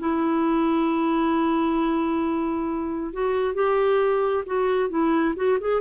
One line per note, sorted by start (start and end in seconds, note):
0.00 3.13 E4
3.13 3.55 F#4
3.55 4.44 G4
4.46 4.90 F#4
4.90 5.34 E4
5.36 5.58 F#4
5.60 5.81 G#4